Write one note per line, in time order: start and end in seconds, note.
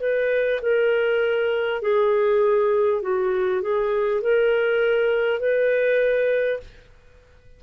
0.00 0.60 B4
0.62 1.81 A#4
1.81 3.01 G#4
3.01 3.61 F#4
3.62 4.21 G#4
4.21 5.39 A#4
5.39 6.59 B4